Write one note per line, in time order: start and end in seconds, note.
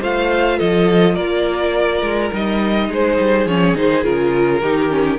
0.00 0.60 A3
0.00 2.32 F4
0.00 0.58 C5
0.00 0.59 F5
0.58 1.16 F3
0.58 1.14 A4
0.58 1.15 D#5
1.14 2.02 A#3
1.14 2.87 A#4
1.14 2.30 D5
2.02 2.31 G#3
2.33 2.89 G3
2.33 3.48 D#4
2.33 2.93 D#5
2.89 3.18 G#3
2.89 4.62 G#4
2.89 3.47 C5
3.19 3.46 G3
3.46 3.74 F3
3.46 3.75 C#4
3.46 3.76 C#5
3.75 4.04 D#3
3.75 4.03 D#4
3.75 4.04 C5
4.03 4.62 C#3
4.03 4.61 F4
4.03 5.18 A#4
4.62 5.18 D#3
4.62 4.89 D#4
4.62 5.18 G4
4.89 5.18 C#4